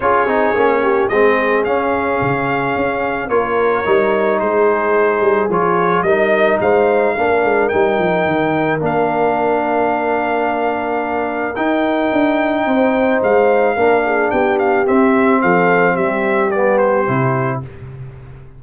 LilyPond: <<
  \new Staff \with { instrumentName = "trumpet" } { \time 4/4 \tempo 4 = 109 cis''2 dis''4 f''4~ | f''2 cis''2 | c''2 cis''4 dis''4 | f''2 g''2 |
f''1~ | f''4 g''2. | f''2 g''8 f''8 e''4 | f''4 e''4 d''8 c''4. | }
  \new Staff \with { instrumentName = "horn" } { \time 4/4 gis'4. g'8 gis'2~ | gis'2 ais'2 | gis'2. ais'4 | c''4 ais'2.~ |
ais'1~ | ais'2. c''4~ | c''4 ais'8 gis'8 g'2 | a'4 g'2. | }
  \new Staff \with { instrumentName = "trombone" } { \time 4/4 f'8 dis'8 cis'4 c'4 cis'4~ | cis'2 f'4 dis'4~ | dis'2 f'4 dis'4~ | dis'4 d'4 dis'2 |
d'1~ | d'4 dis'2.~ | dis'4 d'2 c'4~ | c'2 b4 e'4 | }
  \new Staff \with { instrumentName = "tuba" } { \time 4/4 cis'8 c'8 ais4 gis4 cis'4 | cis4 cis'4 ais4 g4 | gis4. g8 f4 g4 | gis4 ais8 gis8 g8 f8 dis4 |
ais1~ | ais4 dis'4 d'4 c'4 | gis4 ais4 b4 c'4 | f4 g2 c4 | }
>>